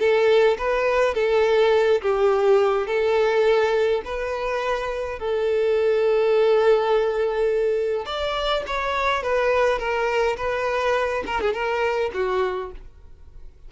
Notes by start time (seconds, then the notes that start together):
0.00 A4
0.58 B4
1.15 A4
2.02 G4
2.87 A4
4.05 B4
5.20 A4
8.06 D5
8.67 C#5
9.23 B4
9.79 A#4
10.37 B4
11.27 A#4
11.41 G#4
11.54 A#4
12.14 F#4